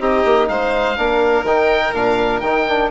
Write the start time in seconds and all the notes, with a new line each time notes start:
0.00 C4 D#4 G4 D#5
0.25 A#3
0.48 G#3 C5 F5
0.96 A#3 D4 A#4
1.44 D#3 D#4 G5
1.93 A#2 D4 F5
2.40 D#3 D#4 G5
2.68 D4